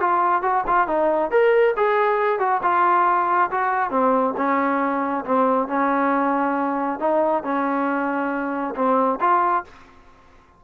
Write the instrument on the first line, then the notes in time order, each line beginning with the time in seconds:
trombone
0.00 F4
0.42 F#4
0.67 F4
0.87 D#4
1.30 A#4
1.76 G#4
2.39 F#4
2.62 F4
3.51 F#4
3.90 C4
4.37 C#4
5.25 C4
5.68 C#4
6.99 D#4
7.43 C#4
8.75 C4
9.20 F4